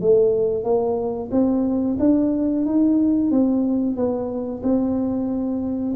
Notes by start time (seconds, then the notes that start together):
0.00 A3
0.64 A#3
1.31 C4
1.99 D4
2.65 D#4
3.31 C4
3.96 B3
4.63 C4